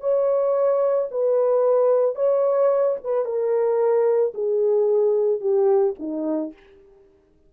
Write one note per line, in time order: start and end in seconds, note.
0.00 1.08 C#5
1.11 2.15 B4
2.15 2.96 C#5
3.03 3.25 B4
3.25 4.33 A#4
4.34 5.40 G#4
5.40 5.94 G4
5.99 6.53 D#4